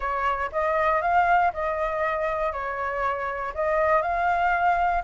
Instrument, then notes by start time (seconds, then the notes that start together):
flute
0.00 C#5
0.52 D#5
1.01 F5
1.53 D#5
2.52 C#5
3.54 D#5
4.02 F5